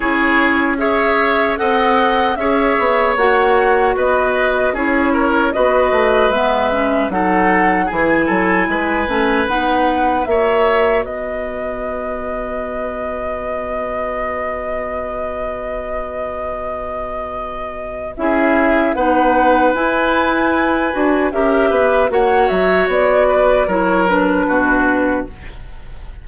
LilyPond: <<
  \new Staff \with { instrumentName = "flute" } { \time 4/4 \tempo 4 = 76 cis''4 e''4 fis''4 e''4 | fis''4 dis''4 cis''4 dis''4 | e''4 fis''4 gis''2 | fis''4 e''4 dis''2~ |
dis''1~ | dis''2. e''4 | fis''4 gis''2 e''4 | fis''8 e''8 d''4 cis''8 b'4. | }
  \new Staff \with { instrumentName = "oboe" } { \time 4/4 gis'4 cis''4 dis''4 cis''4~ | cis''4 b'4 gis'8 ais'8 b'4~ | b'4 a'4 gis'8 a'8 b'4~ | b'4 cis''4 b'2~ |
b'1~ | b'2. gis'4 | b'2. ais'8 b'8 | cis''4. b'8 ais'4 fis'4 | }
  \new Staff \with { instrumentName = "clarinet" } { \time 4/4 e'4 gis'4 a'4 gis'4 | fis'2 e'4 fis'4 | b8 cis'8 dis'4 e'4. cis'8 | dis'4 fis'2.~ |
fis'1~ | fis'2. e'4 | dis'4 e'4. fis'8 g'4 | fis'2 e'8 d'4. | }
  \new Staff \with { instrumentName = "bassoon" } { \time 4/4 cis'2 c'4 cis'8 b8 | ais4 b4 cis'4 b8 a8 | gis4 fis4 e8 fis8 gis8 a8 | b4 ais4 b2~ |
b1~ | b2. cis'4 | b4 e'4. d'8 cis'8 b8 | ais8 fis8 b4 fis4 b,4 | }
>>